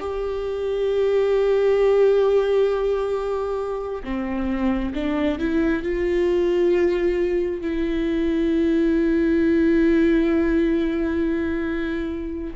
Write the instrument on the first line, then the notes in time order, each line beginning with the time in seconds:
viola
0.00 G4
4.04 C4
4.95 D4
5.39 E4
5.83 F4
7.61 E4